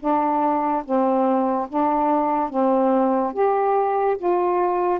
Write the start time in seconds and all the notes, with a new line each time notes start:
0.00 D4
0.85 C4
1.69 D4
2.50 C4
3.34 G4
4.18 F4